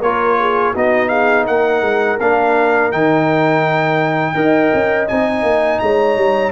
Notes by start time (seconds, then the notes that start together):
0.00 A#3 F4 A#4 C#5
0.39 G#4
0.73 B3 D#4 F#4 D#5
1.08 G#4 F5
1.44 A#3 A#4 F#5
1.81 G#3
2.20 A#3 D4 F5
2.91 D#3 D#4 G5
4.34 D#4 A#4 D#5
4.74 C#4
5.08 C4 D#4 G#5
5.43 A#3
5.79 G#3 C#5 A#5
6.16 G3